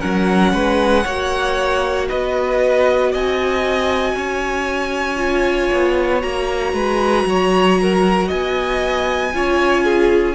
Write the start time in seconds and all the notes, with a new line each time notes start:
0.00 F#3 C#4 A#4 F#5
0.53 G#3 B4
1.04 A#3 F#4 C#5
2.09 B3 B4 D#5
3.12 C4 D#5 G#5
4.14 C#4 C#5
5.17 F4
5.73 B3
6.20 A#3 F#4 A#5
6.73 G#3 B4
7.26 F#3 C#5
7.82 A#4
8.28 B3 D#5 G#5
9.34 C#4 F4 C#5
9.84 G#4